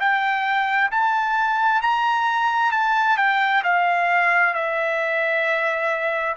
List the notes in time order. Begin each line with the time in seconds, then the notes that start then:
0.00 G5
0.91 A5
1.81 A#5
2.71 A5
3.17 G5
3.64 F5
4.54 E5